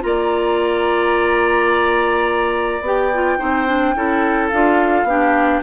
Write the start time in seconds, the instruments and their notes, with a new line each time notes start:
0.00 bassoon A#3, clarinet F4, oboe D5, flute A#5
2.81 bassoon B3, clarinet G4, flute G5
3.14 clarinet F4
3.38 bassoon C4, clarinet D#4, oboe C5
3.66 clarinet D4
3.95 bassoon C#4, clarinet E4, oboe A4
4.48 bassoon D4, clarinet F4, flute F5
5.04 bassoon B3, clarinet D4, oboe G4